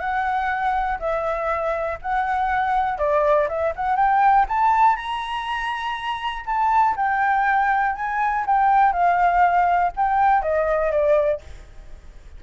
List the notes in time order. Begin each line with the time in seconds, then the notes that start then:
0.00 F#5
1.00 E5
2.02 F#5
2.98 D5
3.49 E5
3.76 F#5
3.97 G5
4.49 A5
4.97 A#5
6.46 A5
6.96 G5
7.96 G#5
8.46 G5
8.93 F5
9.97 G5
10.43 D#5
10.92 D5